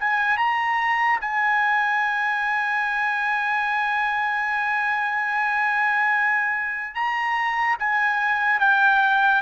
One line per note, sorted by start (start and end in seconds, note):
0.00 0.37 G#5
0.37 1.20 A#5
1.21 6.95 G#5
6.95 7.77 A#5
7.80 8.60 G#5
8.60 9.42 G5